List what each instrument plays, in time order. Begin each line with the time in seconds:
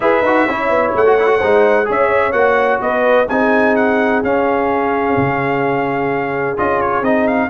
0.00 tuba E4, trombone G#4, horn B4, trumpet E5
0.21 tuba D#4, trombone F#4
0.47 tuba C#4, trombone E4, horn C#5
0.69 tuba B3
0.95 tuba A3, trumpet F#5
1.05 trombone F#4
1.19 trombone E4
1.26 trombone F#4
1.38 tuba G#3, trombone D#4, horn C5
1.85 tuba C#4, trombone G#4, horn C#5, trumpet E5
2.32 tuba A#3, trombone F#4, trumpet F#5
2.81 tuba B3, horn B4, trumpet D#5
3.28 tuba C4, trombone D#4, horn G#4, trumpet G#5
3.75 trumpet F#5
4.23 tuba C#4, trombone C#4, trumpet F5
5.17 tuba C#3
6.57 tuba C#4, trombone F4, trumpet D#5
6.81 trumpet C#5
7.01 tuba C4, trombone D#4, trumpet D#5
7.27 trumpet F5